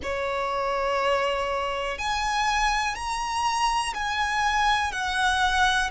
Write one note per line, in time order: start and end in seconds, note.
0.02 1.98 C#5
1.98 2.95 G#5
2.95 3.93 A#5
3.93 4.92 G#5
4.92 5.90 F#5